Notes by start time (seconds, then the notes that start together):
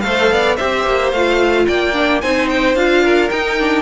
0.00 A3 A4 C5 F5
0.31 B3 D5
0.56 C4 G4 C5 E5
0.85 A#3
1.11 A3 F4 F5
1.67 A#3 D5 G5
1.93 D4
2.21 C4 D#4 C5 G#5
2.49 G5
2.75 D4 F4 F5
3.03 A#4
3.29 D#4 G5
3.59 D4